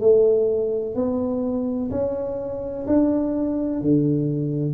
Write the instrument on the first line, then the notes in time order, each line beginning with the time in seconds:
tuba
0.00 A3
0.95 B3
1.90 C#4
2.87 D4
3.81 D3